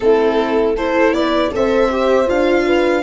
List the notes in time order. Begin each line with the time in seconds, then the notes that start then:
0.00 A3 C4 E4 A4
0.75 E4 A4 C5
1.12 B3 B4 D5
1.51 C4 A4 C5 E5
1.91 G4
2.26 D4 F4 F5
2.66 B4